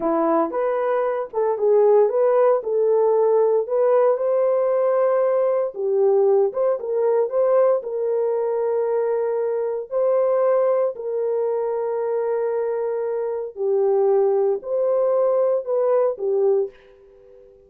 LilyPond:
\new Staff \with { instrumentName = "horn" } { \time 4/4 \tempo 4 = 115 e'4 b'4. a'8 gis'4 | b'4 a'2 b'4 | c''2. g'4~ | g'8 c''8 ais'4 c''4 ais'4~ |
ais'2. c''4~ | c''4 ais'2.~ | ais'2 g'2 | c''2 b'4 g'4 | }